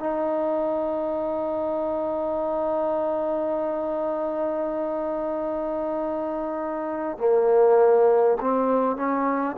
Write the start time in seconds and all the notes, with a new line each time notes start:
0.00 D#4
7.18 A#3
8.41 C4
8.96 C#4